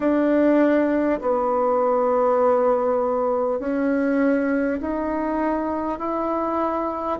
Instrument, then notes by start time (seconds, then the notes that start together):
bassoon
0.00 D4
1.21 B3
3.59 C#4
4.81 D#4
5.98 E4